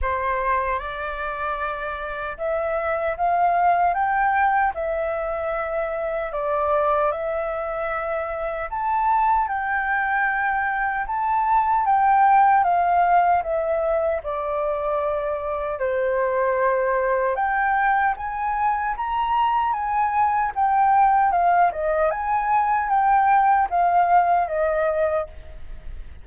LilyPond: \new Staff \with { instrumentName = "flute" } { \time 4/4 \tempo 4 = 76 c''4 d''2 e''4 | f''4 g''4 e''2 | d''4 e''2 a''4 | g''2 a''4 g''4 |
f''4 e''4 d''2 | c''2 g''4 gis''4 | ais''4 gis''4 g''4 f''8 dis''8 | gis''4 g''4 f''4 dis''4 | }